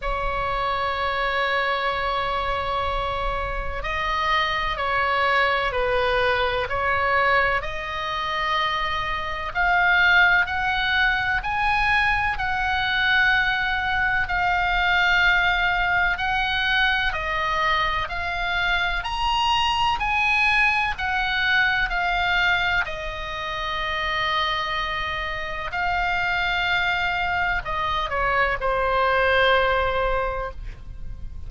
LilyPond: \new Staff \with { instrumentName = "oboe" } { \time 4/4 \tempo 4 = 63 cis''1 | dis''4 cis''4 b'4 cis''4 | dis''2 f''4 fis''4 | gis''4 fis''2 f''4~ |
f''4 fis''4 dis''4 f''4 | ais''4 gis''4 fis''4 f''4 | dis''2. f''4~ | f''4 dis''8 cis''8 c''2 | }